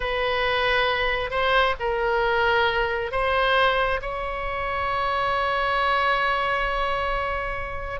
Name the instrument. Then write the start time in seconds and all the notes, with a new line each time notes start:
oboe
0.00 B4
1.30 C5
1.79 A#4
3.11 C5
4.01 C#5